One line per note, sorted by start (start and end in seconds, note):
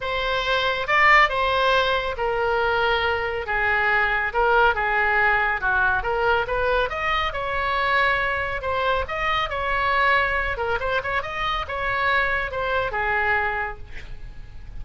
0.01 0.87 C5
0.87 1.29 D5
1.29 2.15 C5
2.17 3.46 A#4
3.46 4.32 G#4
4.33 4.75 A#4
4.75 5.60 G#4
5.60 6.03 F#4
6.03 6.46 A#4
6.47 6.89 B4
6.89 7.32 D#5
7.33 8.61 C#5
8.61 9.04 C5
9.08 9.49 D#5
9.49 10.57 C#5
10.57 10.78 A#4
10.80 11.01 C5
11.03 11.22 C#5
11.22 11.65 D#5
11.68 12.51 C#5
12.51 12.91 C5
12.91 13.78 G#4